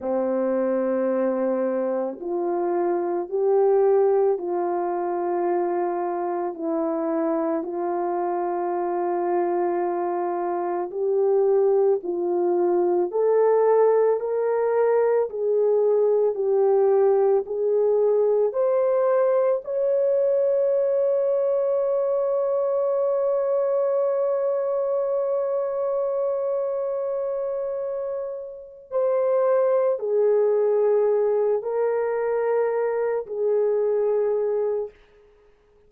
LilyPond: \new Staff \with { instrumentName = "horn" } { \time 4/4 \tempo 4 = 55 c'2 f'4 g'4 | f'2 e'4 f'4~ | f'2 g'4 f'4 | a'4 ais'4 gis'4 g'4 |
gis'4 c''4 cis''2~ | cis''1~ | cis''2~ cis''8 c''4 gis'8~ | gis'4 ais'4. gis'4. | }